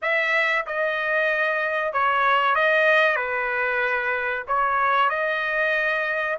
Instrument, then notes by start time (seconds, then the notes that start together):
trumpet
0.01 E5
0.66 D#5
1.92 C#5
2.55 D#5
3.16 B4
4.47 C#5
5.09 D#5